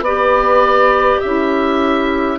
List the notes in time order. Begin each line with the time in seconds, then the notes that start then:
0.00 B3 G4 B4 D5
1.20 C#4 E4 E5